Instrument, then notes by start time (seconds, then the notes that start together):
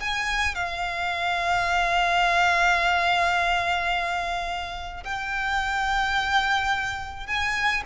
violin
0.00 G#5
0.55 F5
5.04 G5
7.27 G#5